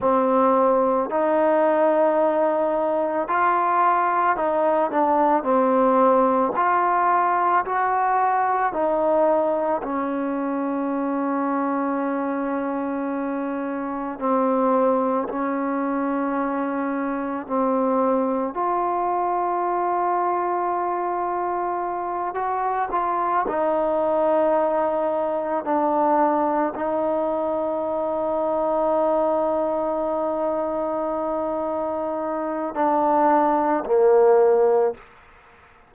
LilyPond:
\new Staff \with { instrumentName = "trombone" } { \time 4/4 \tempo 4 = 55 c'4 dis'2 f'4 | dis'8 d'8 c'4 f'4 fis'4 | dis'4 cis'2.~ | cis'4 c'4 cis'2 |
c'4 f'2.~ | f'8 fis'8 f'8 dis'2 d'8~ | d'8 dis'2.~ dis'8~ | dis'2 d'4 ais4 | }